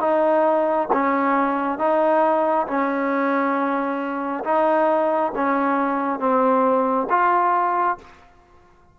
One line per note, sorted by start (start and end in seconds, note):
0.00 0.88 D#4
0.93 1.78 C#4
1.78 2.67 D#4
2.67 4.44 C#4
4.44 5.32 D#4
5.35 6.19 C#4
6.19 7.07 C4
7.10 7.98 F4